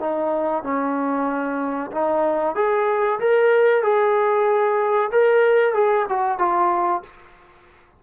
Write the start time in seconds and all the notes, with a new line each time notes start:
0.00 D#4
0.63 C#4
1.91 D#4
2.55 G#4
3.20 A#4
3.83 G#4
5.12 A#4
5.74 G#4
6.09 F#4
6.39 F4